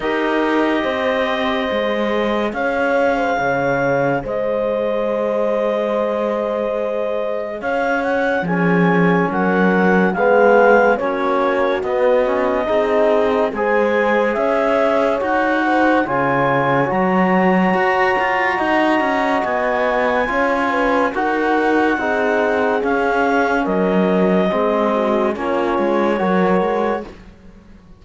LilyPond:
<<
  \new Staff \with { instrumentName = "clarinet" } { \time 4/4 \tempo 4 = 71 dis''2. f''4~ | f''4 dis''2.~ | dis''4 f''8 fis''8 gis''4 fis''4 | f''4 cis''4 dis''2 |
gis''4 e''4 fis''4 gis''4 | ais''2. gis''4~ | gis''4 fis''2 f''4 | dis''2 cis''2 | }
  \new Staff \with { instrumentName = "horn" } { \time 4/4 ais'4 c''2 cis''8. c''16 | cis''4 c''2.~ | c''4 cis''4 gis'4 ais'4 | gis'4 fis'2 gis'4 |
c''4 cis''4. c''8 cis''4~ | cis''2 dis''2 | cis''8 b'8 ais'4 gis'2 | ais'4 gis'8 fis'8 f'4 ais'4 | }
  \new Staff \with { instrumentName = "trombone" } { \time 4/4 g'2 gis'2~ | gis'1~ | gis'2 cis'2 | b4 cis'4 b8 cis'8 dis'4 |
gis'2 fis'4 f'4 | fis'1 | f'4 fis'4 dis'4 cis'4~ | cis'4 c'4 cis'4 fis'4 | }
  \new Staff \with { instrumentName = "cello" } { \time 4/4 dis'4 c'4 gis4 cis'4 | cis4 gis2.~ | gis4 cis'4 f4 fis4 | gis4 ais4 b4 c'4 |
gis4 cis'4 dis'4 cis4 | fis4 fis'8 f'8 dis'8 cis'8 b4 | cis'4 dis'4 c'4 cis'4 | fis4 gis4 ais8 gis8 fis8 gis8 | }
>>